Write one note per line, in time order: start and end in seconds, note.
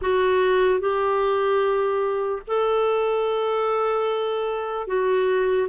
0.01 0.80 F#4
0.80 2.42 G4
2.47 4.86 A4
4.86 5.68 F#4